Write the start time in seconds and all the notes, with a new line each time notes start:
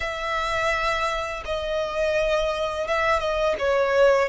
0.00 E5
1.44 D#5
2.87 E5
3.19 D#5
3.58 C#5